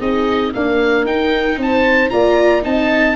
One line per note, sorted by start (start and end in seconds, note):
0.00 0.54 C4
0.00 0.53 D#4
0.00 0.53 G#4
0.00 0.54 D#5
0.54 1.07 A#3
0.54 1.05 D4
0.54 1.60 A#4
0.54 1.06 F5
1.05 1.58 D#4
1.05 2.11 D#4
1.05 1.59 G5
1.58 2.10 C4
1.58 2.13 C5
1.58 2.10 A5
2.10 2.66 A#3
2.10 2.63 F4
2.10 2.64 D5
2.10 2.63 A#5
2.63 3.16 C4
2.63 3.15 D#4
2.63 3.16 D#5
2.63 3.16 A5